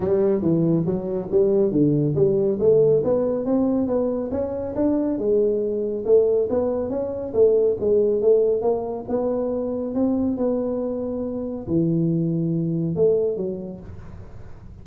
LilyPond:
\new Staff \with { instrumentName = "tuba" } { \time 4/4 \tempo 4 = 139 g4 e4 fis4 g4 | d4 g4 a4 b4 | c'4 b4 cis'4 d'4 | gis2 a4 b4 |
cis'4 a4 gis4 a4 | ais4 b2 c'4 | b2. e4~ | e2 a4 fis4 | }